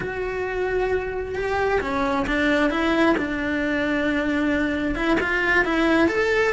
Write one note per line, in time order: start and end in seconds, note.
0.00 1.35 F#4
1.35 1.80 G4
1.80 2.26 C#4
2.26 2.70 D4
2.70 3.15 E4
3.17 4.95 D4
4.95 5.17 E4
5.20 5.65 F4
5.65 6.08 E4
6.08 6.53 A4